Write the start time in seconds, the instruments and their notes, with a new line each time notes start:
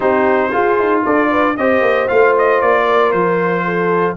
0.00 tuba C4, trombone D#4, horn G4, trumpet C5
0.51 trombone F4, tuba F4, horn G#4
0.78 tuba D#4
1.05 tuba D4, horn A4, trumpet D5
1.30 horn B4
1.56 tuba C4, trombone G4, horn C5, trumpet D#5
1.81 tuba A#3
2.08 tuba A3, trombone F4, trumpet F5
2.37 trumpet D#5
2.61 tuba A#3, trumpet D5
2.85 horn A#4
3.11 tuba F3, trumpet C5
3.64 horn A4